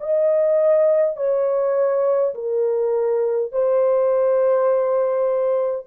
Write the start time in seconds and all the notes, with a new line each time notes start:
0.00 D#5
1.17 C#5
2.35 A#4
3.52 C5